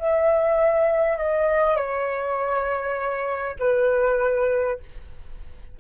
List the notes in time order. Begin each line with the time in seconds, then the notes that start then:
0.00 E5
1.18 D#5
1.77 C#5
3.60 B4